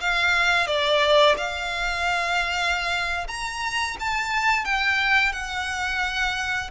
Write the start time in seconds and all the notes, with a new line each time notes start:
0.00 F5
0.66 D5
1.37 F5
3.27 A#5
3.99 A5
4.64 G5
5.32 F#5